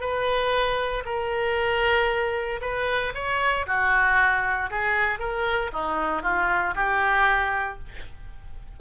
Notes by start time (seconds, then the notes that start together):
0.00 B4
1.05 A#4
2.61 B4
3.14 C#5
3.66 F#4
4.70 G#4
5.19 A#4
5.73 D#4
6.23 F4
6.75 G4